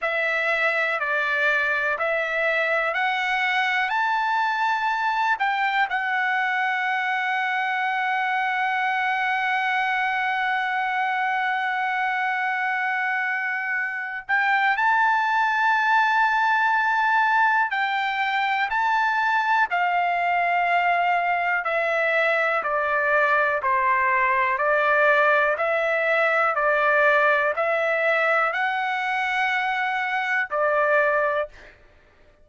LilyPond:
\new Staff \with { instrumentName = "trumpet" } { \time 4/4 \tempo 4 = 61 e''4 d''4 e''4 fis''4 | a''4. g''8 fis''2~ | fis''1~ | fis''2~ fis''8 g''8 a''4~ |
a''2 g''4 a''4 | f''2 e''4 d''4 | c''4 d''4 e''4 d''4 | e''4 fis''2 d''4 | }